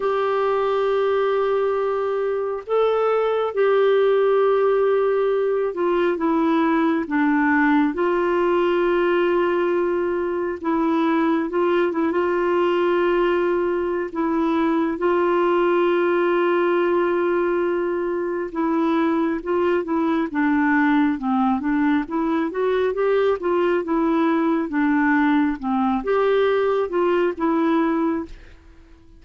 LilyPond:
\new Staff \with { instrumentName = "clarinet" } { \time 4/4 \tempo 4 = 68 g'2. a'4 | g'2~ g'8 f'8 e'4 | d'4 f'2. | e'4 f'8 e'16 f'2~ f'16 |
e'4 f'2.~ | f'4 e'4 f'8 e'8 d'4 | c'8 d'8 e'8 fis'8 g'8 f'8 e'4 | d'4 c'8 g'4 f'8 e'4 | }